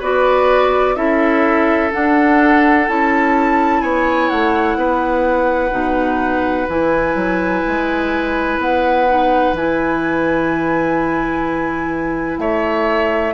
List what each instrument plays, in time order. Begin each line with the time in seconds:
0.00 bassoon B3, clarinet F#4, oboe B4, flute D5
0.96 bassoon C#4, clarinet E4, oboe A4, flute E5
1.92 clarinet D4, bassoon D4, flute F#5
2.87 bassoon C#4, clarinet E4, flute A5
3.82 bassoon B3, oboe C#5, flute G#5
4.29 bassoon A3, flute F#5
4.77 bassoon B3, oboe B4
5.71 bassoon B2, clarinet D#4
6.69 bassoon E3, clarinet E4, flute G#5
7.15 bassoon F#3
7.68 bassoon G#3
8.59 bassoon B3, flute F#5
9.08 clarinet D#4
9.53 bassoon E3, clarinet E4, flute G#5
12.38 bassoon A3, oboe C#5, flute E5